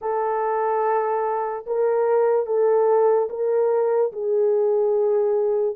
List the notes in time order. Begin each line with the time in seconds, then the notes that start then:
0.01 A4
1.66 A#4
2.46 A4
3.29 A#4
4.12 G#4